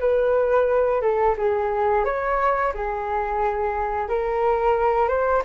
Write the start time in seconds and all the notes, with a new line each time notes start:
0.00 B4
1.02 A4
1.38 G#4
2.05 C#5
2.74 G#4
4.09 A#4
5.09 C5